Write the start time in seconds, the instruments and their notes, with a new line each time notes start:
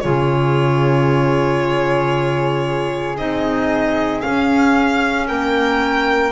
0.00 double bass C#3, clarinet F4, flute G#4, violin C#5
3.18 double bass C4, clarinet D#4, violin D#5
4.21 clarinet C#4, double bass C#4, violin F5
5.27 double bass A#3, flute A#4, violin G5